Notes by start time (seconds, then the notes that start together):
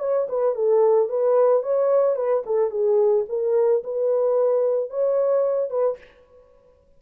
0.00 C#5
0.29 B4
0.55 A4
1.09 B4
1.63 C#5
2.16 B4
2.46 A4
2.71 G#4
3.29 A#4
3.84 B4
4.90 C#5
5.70 B4